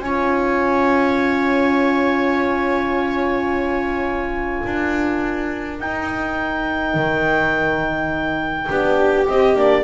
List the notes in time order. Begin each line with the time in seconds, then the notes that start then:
0.00 C#4 F4 C#5 G#5
4.66 D4 A#4
5.80 D#4 G5
6.94 D#3
8.69 B3 D4 G4
9.28 C4 D#5
9.56 A#3 D4 D5